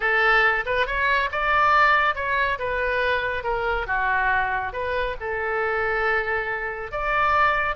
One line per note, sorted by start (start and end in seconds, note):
0.00 0.64 A4
0.65 0.86 B4
0.86 1.29 C#5
1.31 2.15 D5
2.15 2.58 C#5
2.59 3.43 B4
3.43 3.86 A#4
3.86 4.72 F#4
4.72 5.16 B4
5.20 6.91 A4
6.91 7.75 D5